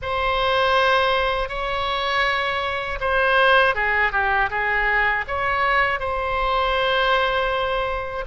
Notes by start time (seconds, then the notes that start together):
0.02 C5
1.49 C#5
3.00 C5
3.74 G#4
4.12 G4
4.50 G#4
5.27 C#5
5.99 C5